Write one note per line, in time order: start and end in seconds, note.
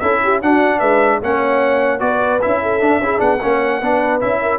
0.00 0.42 C#4
0.00 0.43 E4
0.00 0.22 A4
0.00 0.40 E5
0.24 0.44 G4
0.42 0.82 D4
0.42 1.23 D4
0.42 0.79 F#4
0.42 0.80 F#5
0.79 1.22 G#3
0.79 1.19 B4
0.79 1.20 E5
1.22 2.01 A#3
1.22 2.00 C#4
1.22 2.01 C#5
1.22 2.00 F#5
2.00 2.41 B3
2.00 2.40 F#4
2.00 2.61 B4
2.00 2.40 D5
2.42 2.82 C#4
2.42 2.81 E4
2.42 3.21 E5
2.62 3.03 A4
2.81 3.01 D4
2.81 3.00 D4
3.00 3.20 C#4
3.00 3.18 E4
3.00 3.43 G#4
3.18 3.41 B3
3.18 3.38 D4
3.18 4.21 F#5
3.42 3.82 A#3
3.42 3.82 C#4
3.42 3.79 C#5
3.79 4.22 B3
3.79 4.21 D4
3.79 4.39 B4
4.21 4.59 C#4
4.21 4.59 E4
4.21 4.59 E5
4.42 4.59 A#4